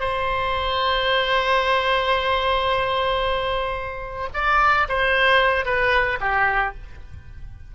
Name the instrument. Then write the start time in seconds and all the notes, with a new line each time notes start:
oboe
0.00 C5
4.34 D5
4.89 C5
5.65 B4
6.20 G4